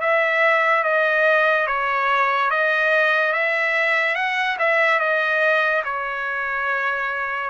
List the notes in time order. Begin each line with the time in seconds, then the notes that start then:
0.00 E5
0.83 D#5
1.67 C#5
2.50 D#5
3.32 E5
4.15 F#5
4.58 E5
4.99 D#5
5.84 C#5